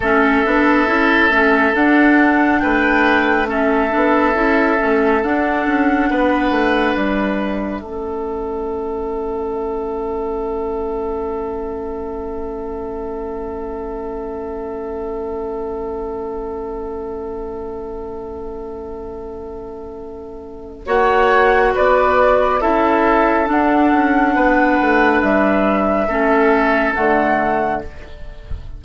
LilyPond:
<<
  \new Staff \with { instrumentName = "flute" } { \time 4/4 \tempo 4 = 69 e''2 fis''4 g''4 | e''2 fis''2 | e''1~ | e''1~ |
e''1~ | e''1 | fis''4 d''4 e''4 fis''4~ | fis''4 e''2 fis''4 | }
  \new Staff \with { instrumentName = "oboe" } { \time 4/4 a'2. b'4 | a'2. b'4~ | b'4 a'2.~ | a'1~ |
a'1~ | a'1 | cis''4 b'4 a'2 | b'2 a'2 | }
  \new Staff \with { instrumentName = "clarinet" } { \time 4/4 cis'8 d'8 e'8 cis'8 d'2 | cis'8 d'8 e'8 cis'8 d'2~ | d'4 cis'2.~ | cis'1~ |
cis'1~ | cis'1 | fis'2 e'4 d'4~ | d'2 cis'4 a4 | }
  \new Staff \with { instrumentName = "bassoon" } { \time 4/4 a8 b8 cis'8 a8 d'4 a4~ | a8 b8 cis'8 a8 d'8 cis'8 b8 a8 | g4 a2.~ | a1~ |
a1~ | a1 | ais4 b4 cis'4 d'8 cis'8 | b8 a8 g4 a4 d4 | }
>>